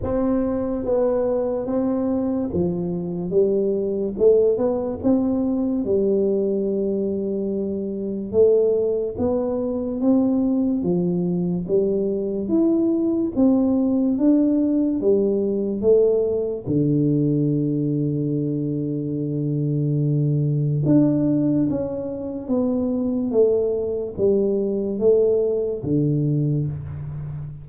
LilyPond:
\new Staff \with { instrumentName = "tuba" } { \time 4/4 \tempo 4 = 72 c'4 b4 c'4 f4 | g4 a8 b8 c'4 g4~ | g2 a4 b4 | c'4 f4 g4 e'4 |
c'4 d'4 g4 a4 | d1~ | d4 d'4 cis'4 b4 | a4 g4 a4 d4 | }